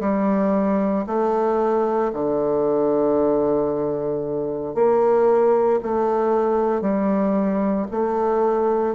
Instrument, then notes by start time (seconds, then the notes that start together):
bassoon
0.00 G3
1.07 A3
2.13 D3
4.75 A#3
5.83 A3
6.81 G3
7.91 A3